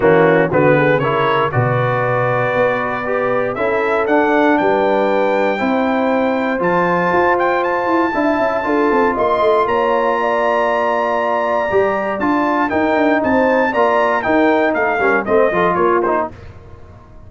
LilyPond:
<<
  \new Staff \with { instrumentName = "trumpet" } { \time 4/4 \tempo 4 = 118 fis'4 b'4 cis''4 d''4~ | d''2. e''4 | fis''4 g''2.~ | g''4 a''4. g''8 a''4~ |
a''2 c'''4 ais''4~ | ais''1 | a''4 g''4 a''4 ais''4 | g''4 f''4 dis''4 cis''8 c''8 | }
  \new Staff \with { instrumentName = "horn" } { \time 4/4 cis'4 fis'8 gis'8 ais'4 b'4~ | b'2. a'4~ | a'4 b'2 c''4~ | c''1 |
e''4 a'4 dis''4 cis''4 | d''1~ | d''4 ais'4 c''4 d''4 | ais'4 a'8 ais'8 c''8 a'8 f'4 | }
  \new Staff \with { instrumentName = "trombone" } { \time 4/4 ais4 b4 e'4 fis'4~ | fis'2 g'4 e'4 | d'2. e'4~ | e'4 f'2. |
e'4 f'2.~ | f'2. g'4 | f'4 dis'2 f'4 | dis'4. cis'8 c'8 f'4 dis'8 | }
  \new Staff \with { instrumentName = "tuba" } { \time 4/4 e4 d4 cis4 b,4~ | b,4 b2 cis'4 | d'4 g2 c'4~ | c'4 f4 f'4. e'8 |
d'8 cis'8 d'8 c'8 ais8 a8 ais4~ | ais2. g4 | d'4 dis'8 d'8 c'4 ais4 | dis'4 a8 g8 a8 f8 ais4 | }
>>